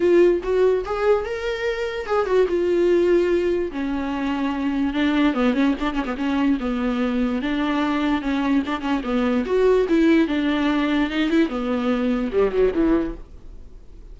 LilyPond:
\new Staff \with { instrumentName = "viola" } { \time 4/4 \tempo 4 = 146 f'4 fis'4 gis'4 ais'4~ | ais'4 gis'8 fis'8 f'2~ | f'4 cis'2. | d'4 b8 cis'8 d'8 cis'16 b16 cis'4 |
b2 d'2 | cis'4 d'8 cis'8 b4 fis'4 | e'4 d'2 dis'8 e'8 | b2 g8 fis8 e4 | }